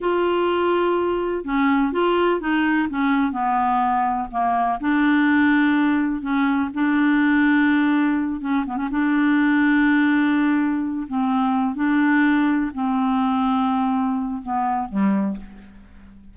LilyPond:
\new Staff \with { instrumentName = "clarinet" } { \time 4/4 \tempo 4 = 125 f'2. cis'4 | f'4 dis'4 cis'4 b4~ | b4 ais4 d'2~ | d'4 cis'4 d'2~ |
d'4. cis'8 b16 cis'16 d'4.~ | d'2. c'4~ | c'8 d'2 c'4.~ | c'2 b4 g4 | }